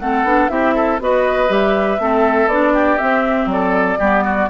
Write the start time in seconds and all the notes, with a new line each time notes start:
0.00 A3 C4 A4 F#5
0.24 B3 D4
0.49 C4 E4 G4 E5
0.75 A4
1.00 B3 F#4 B4 D#5
1.49 G3 G4 E5
1.99 A3 C4 A4
2.47 B3 D4 D5
2.74 G4
2.99 C4 E5
3.46 F#3 D5
3.53 A4
3.99 G3 B3 G4
4.25 F#4